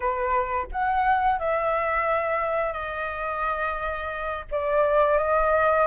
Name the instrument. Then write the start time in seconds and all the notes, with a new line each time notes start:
flute
0.00 B4
0.71 F#5
1.39 E5
2.72 D#5
4.51 D5
5.18 D#5